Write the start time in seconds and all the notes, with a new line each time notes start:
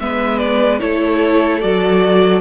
0.00 G#3 B3 B4 E5
0.39 D5
0.80 A3 E4 A4 C#5
1.60 F#3 F#4 D5